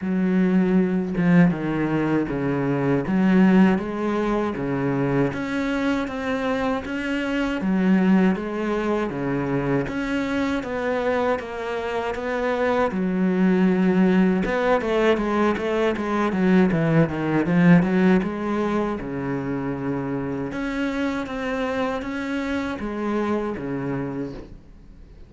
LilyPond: \new Staff \with { instrumentName = "cello" } { \time 4/4 \tempo 4 = 79 fis4. f8 dis4 cis4 | fis4 gis4 cis4 cis'4 | c'4 cis'4 fis4 gis4 | cis4 cis'4 b4 ais4 |
b4 fis2 b8 a8 | gis8 a8 gis8 fis8 e8 dis8 f8 fis8 | gis4 cis2 cis'4 | c'4 cis'4 gis4 cis4 | }